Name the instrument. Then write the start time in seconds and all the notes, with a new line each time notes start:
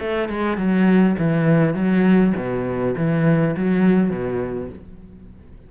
cello
0.00 A3
0.29 G#3
0.57 F#3
1.19 E3
1.75 F#3
2.37 B2
2.97 E3
3.57 F#3
4.11 B2